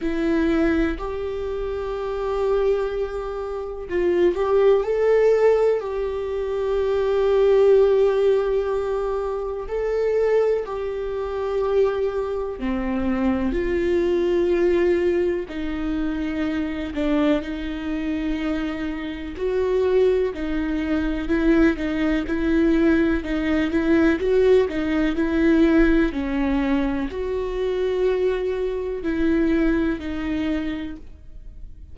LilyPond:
\new Staff \with { instrumentName = "viola" } { \time 4/4 \tempo 4 = 62 e'4 g'2. | f'8 g'8 a'4 g'2~ | g'2 a'4 g'4~ | g'4 c'4 f'2 |
dis'4. d'8 dis'2 | fis'4 dis'4 e'8 dis'8 e'4 | dis'8 e'8 fis'8 dis'8 e'4 cis'4 | fis'2 e'4 dis'4 | }